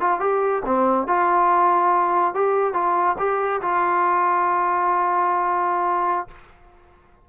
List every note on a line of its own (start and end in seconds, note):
0.00 0.20 F4
0.20 0.63 G4
0.65 1.07 C4
1.07 2.34 F4
2.34 2.74 G4
2.74 3.16 F4
3.19 3.61 G4
3.62 6.28 F4